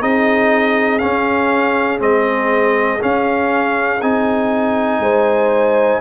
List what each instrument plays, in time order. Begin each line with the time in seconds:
0.00 tuba C4, trombone D#4, horn G#4, trumpet D#5
0.98 trombone C#4, tuba C#4, trumpet F5
1.99 tuba G#3, trombone C4, trumpet D#5
3.00 trombone C#4, tuba C#4, trumpet F5
4.01 tuba C4, trombone D#4, trumpet G#5
4.99 tuba G#3, horn C5